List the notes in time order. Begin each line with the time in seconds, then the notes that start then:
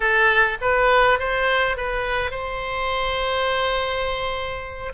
0.00 A4
0.61 B4
1.19 C5
1.76 B4
2.30 C5